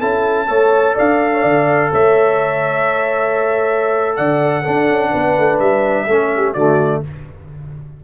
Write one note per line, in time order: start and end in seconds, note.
0.00 0.49 C#4
0.00 0.48 E4
0.00 0.48 A4
0.00 0.96 A5
0.48 0.97 A3
0.48 4.64 A4
0.48 0.95 C#5
0.95 1.44 D4
0.95 1.31 D5
0.95 1.94 F5
1.34 1.43 C#5
1.43 1.92 D3
1.43 1.91 D5
1.92 4.19 A3
1.92 4.17 C#5
1.92 4.16 E5
4.16 4.66 D3
4.16 4.63 D5
4.16 5.59 F#5
4.63 6.08 D4
4.63 4.89 D4
4.63 5.10 A4
4.89 5.13 C#4
5.11 5.38 B3
5.11 6.07 B4
5.38 5.60 A3
5.60 6.08 G3
5.60 6.54 E5
6.07 6.55 A3
6.07 6.56 C#4
6.07 6.31 A4
6.36 6.54 G4
6.54 7.03 D3
6.54 7.04 A3
6.54 7.02 F#4
6.54 7.01 D5